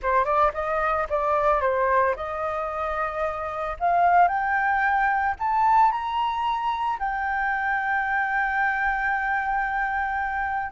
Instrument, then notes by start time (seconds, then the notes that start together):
flute
0.02 C5
0.24 D5
0.53 D#5
1.09 D5
1.61 C5
2.16 D#5
3.79 F5
4.28 G5
5.39 A5
5.91 A#5
6.99 G5